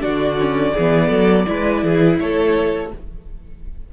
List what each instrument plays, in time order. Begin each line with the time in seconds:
0.00 cello D3, viola D4, violin F#4 D5
0.39 viola C#4
0.74 cello E3, viola B3, violin G#4
1.09 cello F#3, violin A4
1.47 cello G#3, viola E4, violin B4
1.83 cello E3, violin G#4
2.19 cello A3, violin A4 C#5